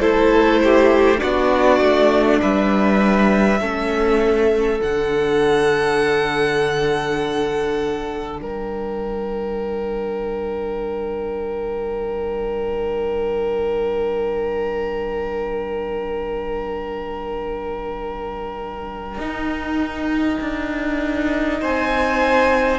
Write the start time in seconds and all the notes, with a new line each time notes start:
0.00 A3 E4 A4 C5
0.64 G4
1.18 B3 D4 F#4 D5
1.80 A3
2.42 G3 B4 E5
3.60 A3 C#4 A4
4.79 D3 D4 F#5
8.39 G3 A#4 G5
19.18 D#4
20.41 D4
21.61 C4 C5 G#5